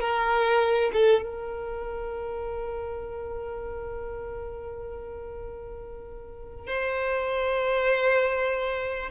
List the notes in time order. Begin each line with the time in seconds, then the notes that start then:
0.00 A#4
0.93 A4
1.22 A#4
6.67 C5